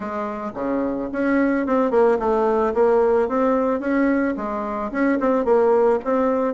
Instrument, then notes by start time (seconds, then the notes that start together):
bassoon
0.00 G#3
0.54 C#3
1.12 C#4
1.66 C4
1.90 A#3
2.19 A3
2.74 A#3
3.28 C4
3.80 C#4
4.36 G#3
4.91 C#4
5.20 C4
5.44 A#3
6.04 C4